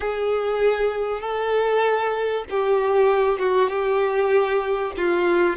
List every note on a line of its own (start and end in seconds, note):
0.00 1.20 G#4
1.20 2.44 A4
2.49 3.39 G4
3.39 3.69 F#4
3.69 4.93 G4
4.97 5.56 F4